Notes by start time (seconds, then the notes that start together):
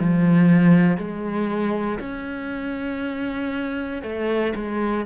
0.00 F3
0.98 G#3
2.00 C#4
4.03 A3
4.55 G#3